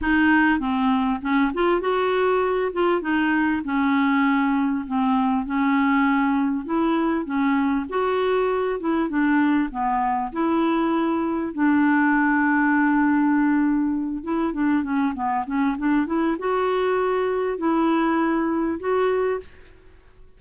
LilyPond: \new Staff \with { instrumentName = "clarinet" } { \time 4/4 \tempo 4 = 99 dis'4 c'4 cis'8 f'8 fis'4~ | fis'8 f'8 dis'4 cis'2 | c'4 cis'2 e'4 | cis'4 fis'4. e'8 d'4 |
b4 e'2 d'4~ | d'2.~ d'8 e'8 | d'8 cis'8 b8 cis'8 d'8 e'8 fis'4~ | fis'4 e'2 fis'4 | }